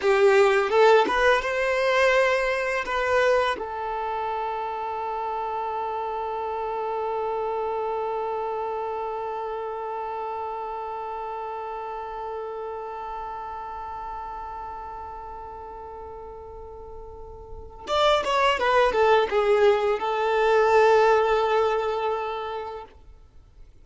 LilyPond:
\new Staff \with { instrumentName = "violin" } { \time 4/4 \tempo 4 = 84 g'4 a'8 b'8 c''2 | b'4 a'2.~ | a'1~ | a'1~ |
a'1~ | a'1~ | a'4 d''8 cis''8 b'8 a'8 gis'4 | a'1 | }